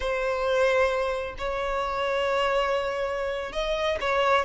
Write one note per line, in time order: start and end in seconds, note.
0.00 1.35 C5
1.38 3.52 C#5
3.52 3.98 D#5
4.00 4.45 C#5